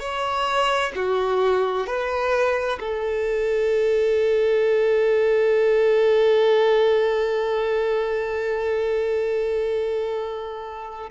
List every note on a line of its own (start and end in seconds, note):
0.00 0.92 C#5
0.96 1.87 F#4
1.87 2.79 B4
2.80 11.11 A4